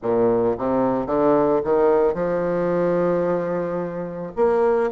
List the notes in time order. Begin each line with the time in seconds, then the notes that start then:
0.02 A#2
0.58 C3
1.06 D3
1.64 D#3
2.14 F3
4.35 A#3